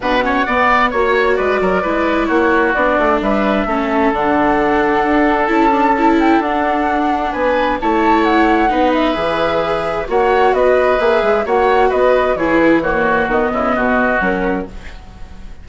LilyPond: <<
  \new Staff \with { instrumentName = "flute" } { \time 4/4 \tempo 4 = 131 fis''2 cis''4 d''4~ | d''4 cis''4 d''4 e''4~ | e''4 fis''2. | a''4. g''8 fis''2 |
gis''4 a''4 fis''4. e''8~ | e''2 fis''4 dis''4 | e''4 fis''4 dis''4 cis''8 b'8 | cis''4 dis''2 ais'4 | }
  \new Staff \with { instrumentName = "oboe" } { \time 4/4 b'8 cis''8 d''4 cis''4 b'8 ais'8 | b'4 fis'2 b'4 | a'1~ | a'1 |
b'4 cis''2 b'4~ | b'2 cis''4 b'4~ | b'4 cis''4 b'4 gis'4 | fis'4. e'8 fis'2 | }
  \new Staff \with { instrumentName = "viola" } { \time 4/4 d'8 cis'8 b4 fis'2 | e'2 d'2 | cis'4 d'2. | e'8 d'8 e'4 d'2~ |
d'4 e'2 dis'4 | gis'2 fis'2 | gis'4 fis'2 e'4 | ais4 b2 cis'4 | }
  \new Staff \with { instrumentName = "bassoon" } { \time 4/4 b,4 b4 ais4 gis8 fis8 | gis4 ais4 b8 a8 g4 | a4 d2 d'4 | cis'2 d'2 |
b4 a2 b4 | e2 ais4 b4 | ais8 gis8 ais4 b4 e4~ | e4 dis8 cis8 b,4 fis4 | }
>>